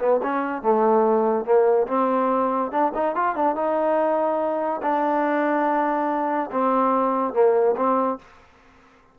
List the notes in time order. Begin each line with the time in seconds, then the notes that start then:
0.00 B3
0.23 C#4
0.63 A3
1.46 A#3
1.88 C4
2.72 D4
2.95 D#4
3.16 F4
3.36 D4
3.56 D#4
4.83 D4
6.52 C4
7.34 A#3
7.77 C4